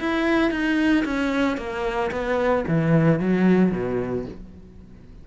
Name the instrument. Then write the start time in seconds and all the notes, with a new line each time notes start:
cello
0.00 E4
0.51 D#4
1.05 C#4
1.58 A#3
2.12 B3
2.68 E3
3.20 F#3
3.72 B2